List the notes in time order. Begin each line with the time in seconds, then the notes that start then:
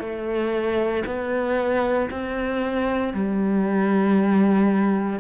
0.00 A3
1.06 B3
2.11 C4
3.14 G3